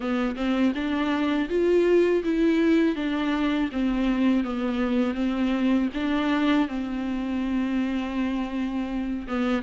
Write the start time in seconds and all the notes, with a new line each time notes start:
0.00 B3
0.35 C4
0.74 D4
1.48 F4
2.24 E4
2.95 D4
3.72 C4
4.44 B3
5.14 C4
5.94 D4
6.68 C4
9.27 B3